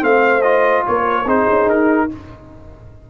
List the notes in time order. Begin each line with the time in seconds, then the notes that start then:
0.00 A3 C4 C5 F5
0.42 F4 D#5
0.87 A#3 A#4 C#5
1.25 C4 D#4 G#4 C5
1.49 C#4
1.66 D#4 A#4